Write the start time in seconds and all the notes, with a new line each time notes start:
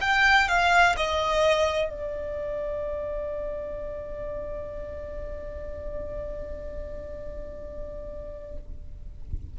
0.00 G5
0.48 F5
0.97 D#5
1.90 D5